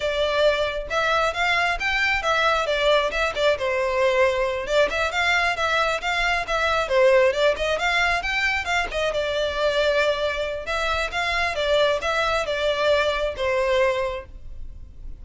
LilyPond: \new Staff \with { instrumentName = "violin" } { \time 4/4 \tempo 4 = 135 d''2 e''4 f''4 | g''4 e''4 d''4 e''8 d''8 | c''2~ c''8 d''8 e''8 f''8~ | f''8 e''4 f''4 e''4 c''8~ |
c''8 d''8 dis''8 f''4 g''4 f''8 | dis''8 d''2.~ d''8 | e''4 f''4 d''4 e''4 | d''2 c''2 | }